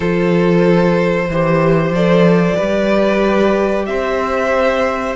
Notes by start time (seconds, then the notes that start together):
0.00 F3 F4 A4 C5
1.29 E3 G4 C5
1.90 F3 A4 D5
2.56 G3 G4 B4
3.85 C4 C5 E5